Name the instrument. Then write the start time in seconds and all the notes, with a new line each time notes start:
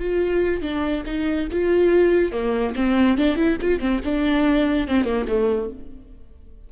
viola
0.00 F4
0.62 D4
1.06 D#4
1.52 F4
2.33 A#3
2.76 C4
3.18 D4
3.37 E4
3.62 F4
3.80 C4
4.05 D4
4.88 C4
5.05 A#3
5.28 A3